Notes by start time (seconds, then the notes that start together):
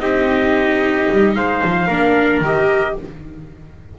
0.00 C4 D#4 G4 D#5
1.12 G3
1.35 G#3 C5 F5
1.64 F3
1.87 A#3 D4 A#4
2.40 D#3 G4 D#5